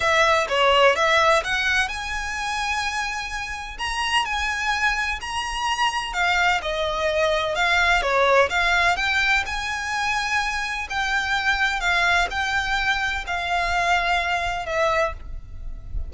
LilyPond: \new Staff \with { instrumentName = "violin" } { \time 4/4 \tempo 4 = 127 e''4 cis''4 e''4 fis''4 | gis''1 | ais''4 gis''2 ais''4~ | ais''4 f''4 dis''2 |
f''4 cis''4 f''4 g''4 | gis''2. g''4~ | g''4 f''4 g''2 | f''2. e''4 | }